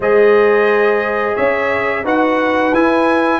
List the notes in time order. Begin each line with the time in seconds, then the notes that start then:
0.00 G#3 G#4 C5 D#5
1.35 C#4 C#5 E5
2.03 D#4 F#4 B4 F#5
2.72 E4 G#5